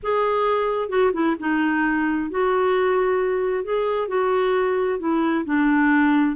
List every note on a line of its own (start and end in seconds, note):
0.02 0.89 G#4
0.89 1.11 F#4
1.13 1.36 E4
1.39 2.30 D#4
2.30 3.64 F#4
3.64 4.08 G#4
4.08 4.99 F#4
4.99 5.44 E4
5.45 6.36 D4